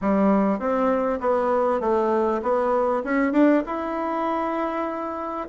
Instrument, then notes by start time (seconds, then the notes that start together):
bassoon
0.01 G3
0.59 C4
1.20 B3
1.80 A3
2.42 B3
3.03 C#4
3.32 D4
3.66 E4